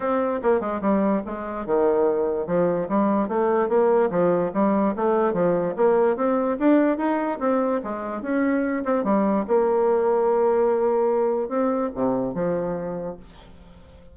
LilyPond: \new Staff \with { instrumentName = "bassoon" } { \time 4/4 \tempo 4 = 146 c'4 ais8 gis8 g4 gis4 | dis2 f4 g4 | a4 ais4 f4 g4 | a4 f4 ais4 c'4 |
d'4 dis'4 c'4 gis4 | cis'4. c'8 g4 ais4~ | ais1 | c'4 c4 f2 | }